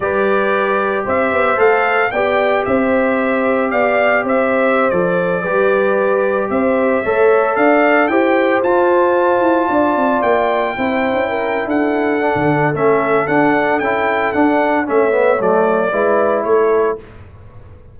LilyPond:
<<
  \new Staff \with { instrumentName = "trumpet" } { \time 4/4 \tempo 4 = 113 d''2 e''4 f''4 | g''4 e''2 f''4 | e''4~ e''16 d''2~ d''8.~ | d''16 e''2 f''4 g''8.~ |
g''16 a''2. g''8.~ | g''2 fis''2 | e''4 fis''4 g''4 fis''4 | e''4 d''2 cis''4 | }
  \new Staff \with { instrumentName = "horn" } { \time 4/4 b'2 c''2 | d''4 c''2 d''4 | c''2~ c''16 b'4.~ b'16~ | b'16 c''4 cis''4 d''4 c''8.~ |
c''2~ c''16 d''4.~ d''16~ | d''16 c''4 ais'8. a'2~ | a'1 | cis''2 b'4 a'4 | }
  \new Staff \with { instrumentName = "trombone" } { \time 4/4 g'2. a'4 | g'1~ | g'4~ g'16 a'4 g'4.~ g'16~ | g'4~ g'16 a'2 g'8.~ |
g'16 f'2.~ f'8.~ | f'16 e'2~ e'8. d'4 | cis'4 d'4 e'4 d'4 | cis'8 b8 a4 e'2 | }
  \new Staff \with { instrumentName = "tuba" } { \time 4/4 g2 c'8 b8 a4 | b4 c'2 b4 | c'4~ c'16 f4 g4.~ g16~ | g16 c'4 a4 d'4 e'8.~ |
e'16 f'4. e'8 d'8 c'8 ais8.~ | ais16 c'8. cis'4 d'4~ d'16 d8. | a4 d'4 cis'4 d'4 | a4 fis4 gis4 a4 | }
>>